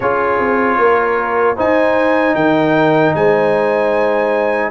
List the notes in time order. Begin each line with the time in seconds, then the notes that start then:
0.00 C#4 F4 G#4 C#5
0.39 C4
0.78 A#3 A#4
1.56 D#4 C5 G#5
2.34 D#3 A#4 G5
3.15 G#3 C5 G#5